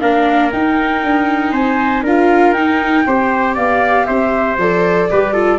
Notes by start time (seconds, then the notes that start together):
0.00 A#3 D4 A#4 F5
0.52 D#4 G5
1.03 D4
1.52 C4 C5 G#5
2.03 D4 F4 A#4 F5
2.52 D#4 G5
3.07 C4 G4 C5
3.55 B3 D5 F5
4.05 C4 C5 E5
4.58 F3 A4 D5
5.10 G3 G4 B4
5.33 F4 A4